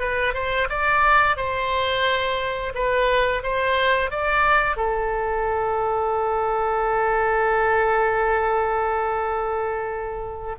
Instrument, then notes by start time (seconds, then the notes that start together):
oboe
0.00 B4
0.34 C5
0.70 D5
1.37 C5
2.75 B4
3.43 C5
4.11 D5
4.77 A4